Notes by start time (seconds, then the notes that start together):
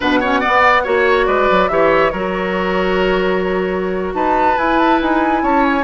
0.00 B2 D4 B4 F#5
0.20 C#4 C#5
0.40 B3 D5
0.47 B3
0.83 A#3 F#4 C#5
1.26 G#3 B4 D5
1.50 F#3
1.68 E3 G4 C#5 E5
2.10 F#3 F#4 A#4 C#5
4.14 D#4 B4 A5
4.56 E4 G#5
4.78 A5
5.01 D#4 G#5
5.42 C#4 C#5 A5
5.64 G#5